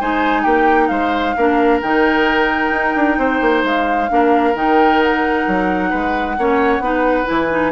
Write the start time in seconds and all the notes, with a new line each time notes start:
0.00 G#3 D#4 C5 G#5
0.42 A#3 G4 G5
0.88 G#3 C5 F5
1.36 A#3 D4 A#4
1.82 D#3 D#4 G5
2.71 D#4
2.96 D4
3.18 C4 C5
3.41 A#3
3.64 G#3 F5
4.09 A#3 D4 A#4
4.54 D#3 D#4 G5
5.02 F#5
5.47 F#3
5.90 G#3 B4
6.38 A#3 C#4 C#5
6.79 B3 D#4 B4
7.25 E3 E4 G#5
7.50 D#4